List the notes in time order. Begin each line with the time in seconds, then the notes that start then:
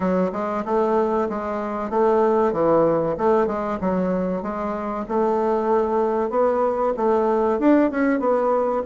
0.00 F#3
0.32 G#3
0.65 A3
1.29 G#3
1.89 A3
2.52 E3
3.17 A3
3.47 G#3
3.80 F#3
4.42 G#3
5.08 A3
6.30 B3
6.96 A3
7.59 D4
7.91 C#4
8.19 B3